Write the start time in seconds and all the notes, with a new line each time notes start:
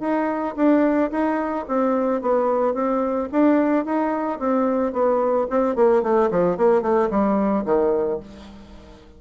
0.00 D#4
0.56 D4
1.11 D#4
1.68 C4
2.21 B3
2.74 C4
3.32 D4
3.85 D#4
4.39 C4
4.92 B3
5.50 C4
5.75 A#3
6.02 A3
6.30 F3
6.57 A#3
6.82 A3
7.10 G3
7.65 D#3